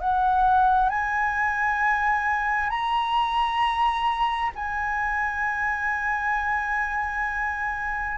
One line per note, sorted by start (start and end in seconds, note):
0.00 0.89 F#5
0.89 2.69 G#5
2.69 4.51 A#5
4.55 8.17 G#5